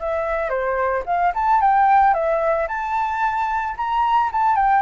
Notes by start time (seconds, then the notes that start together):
0.00 E5
0.49 C5
1.06 F5
1.35 A5
1.61 G5
2.14 E5
2.68 A5
3.77 A#5
4.32 A5
4.56 G5